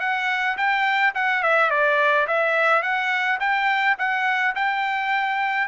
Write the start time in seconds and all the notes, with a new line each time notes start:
0.00 F#5
0.57 G5
1.14 F#5
1.43 E5
1.70 D5
2.27 E5
2.82 F#5
3.40 G5
3.98 F#5
4.55 G5